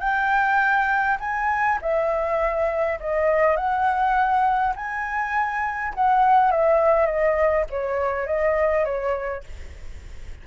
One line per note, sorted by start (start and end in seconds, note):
0.00 1.18 G5
1.20 1.79 G#5
1.82 2.99 E5
3.00 3.56 D#5
3.56 4.74 F#5
4.76 5.94 G#5
5.95 6.51 F#5
6.51 7.06 E5
7.06 7.65 D#5
7.70 8.26 C#5
8.26 8.85 D#5
8.85 9.44 C#5